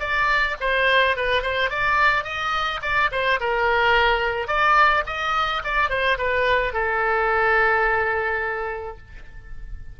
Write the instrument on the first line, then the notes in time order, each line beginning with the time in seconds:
oboe
0.00 D5
0.60 C5
1.16 B4
1.42 C5
1.70 D5
2.24 D#5
2.82 D5
3.12 C5
3.40 A#4
4.47 D5
5.06 D#5
5.64 D5
5.89 C5
6.18 B4
6.73 A4